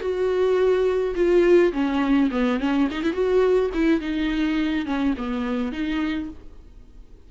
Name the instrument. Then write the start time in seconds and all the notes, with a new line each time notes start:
viola
0.00 F#4
1.15 F4
1.72 C#4
2.31 B3
2.59 C#4
2.91 D#4
3.03 E4
3.13 F#4
3.74 E4
4.00 D#4
4.85 C#4
5.17 B3
5.72 D#4